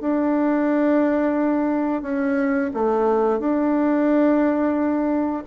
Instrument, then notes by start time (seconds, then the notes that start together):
bassoon
0.00 D4
2.02 C#4
2.73 A3
3.39 D4